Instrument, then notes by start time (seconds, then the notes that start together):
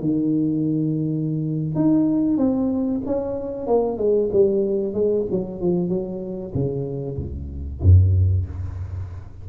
tuba
0.00 D#3
1.75 D#4
2.37 C4
3.06 C#4
3.67 A#3
3.98 G#3
4.32 G3
4.94 G#3
5.31 F#3
5.61 F3
5.89 F#3
6.55 C#3
7.17 C#2
7.82 F#2